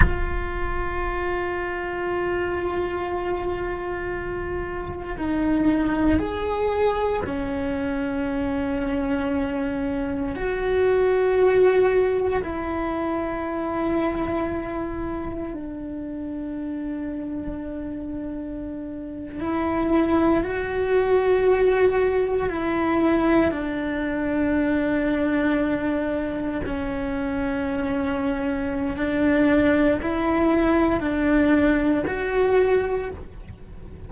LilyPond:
\new Staff \with { instrumentName = "cello" } { \time 4/4 \tempo 4 = 58 f'1~ | f'4 dis'4 gis'4 cis'4~ | cis'2 fis'2 | e'2. d'4~ |
d'2~ d'8. e'4 fis'16~ | fis'4.~ fis'16 e'4 d'4~ d'16~ | d'4.~ d'16 cis'2~ cis'16 | d'4 e'4 d'4 fis'4 | }